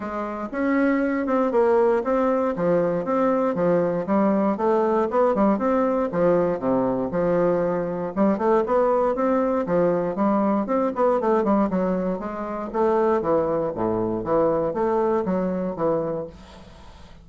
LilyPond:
\new Staff \with { instrumentName = "bassoon" } { \time 4/4 \tempo 4 = 118 gis4 cis'4. c'8 ais4 | c'4 f4 c'4 f4 | g4 a4 b8 g8 c'4 | f4 c4 f2 |
g8 a8 b4 c'4 f4 | g4 c'8 b8 a8 g8 fis4 | gis4 a4 e4 a,4 | e4 a4 fis4 e4 | }